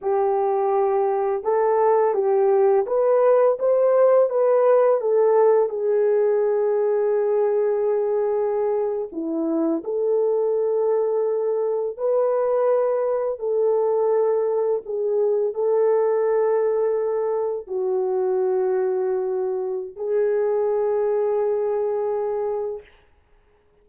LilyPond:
\new Staff \with { instrumentName = "horn" } { \time 4/4 \tempo 4 = 84 g'2 a'4 g'4 | b'4 c''4 b'4 a'4 | gis'1~ | gis'8. e'4 a'2~ a'16~ |
a'8. b'2 a'4~ a'16~ | a'8. gis'4 a'2~ a'16~ | a'8. fis'2.~ fis'16 | gis'1 | }